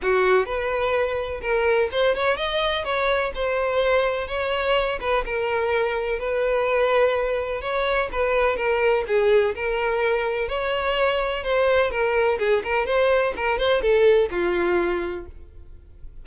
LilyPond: \new Staff \with { instrumentName = "violin" } { \time 4/4 \tempo 4 = 126 fis'4 b'2 ais'4 | c''8 cis''8 dis''4 cis''4 c''4~ | c''4 cis''4. b'8 ais'4~ | ais'4 b'2. |
cis''4 b'4 ais'4 gis'4 | ais'2 cis''2 | c''4 ais'4 gis'8 ais'8 c''4 | ais'8 c''8 a'4 f'2 | }